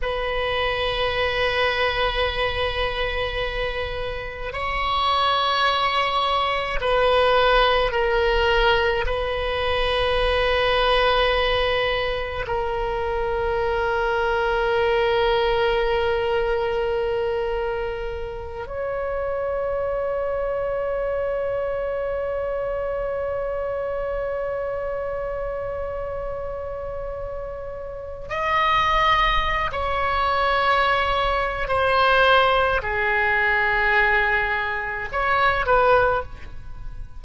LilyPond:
\new Staff \with { instrumentName = "oboe" } { \time 4/4 \tempo 4 = 53 b'1 | cis''2 b'4 ais'4 | b'2. ais'4~ | ais'1~ |
ais'8 cis''2.~ cis''8~ | cis''1~ | cis''4 dis''4~ dis''16 cis''4.~ cis''16 | c''4 gis'2 cis''8 b'8 | }